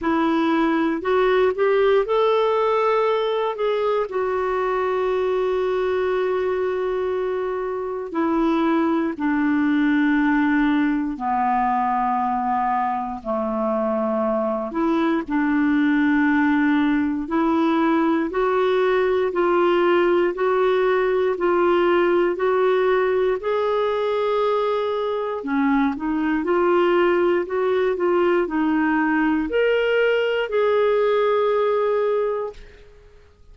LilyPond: \new Staff \with { instrumentName = "clarinet" } { \time 4/4 \tempo 4 = 59 e'4 fis'8 g'8 a'4. gis'8 | fis'1 | e'4 d'2 b4~ | b4 a4. e'8 d'4~ |
d'4 e'4 fis'4 f'4 | fis'4 f'4 fis'4 gis'4~ | gis'4 cis'8 dis'8 f'4 fis'8 f'8 | dis'4 ais'4 gis'2 | }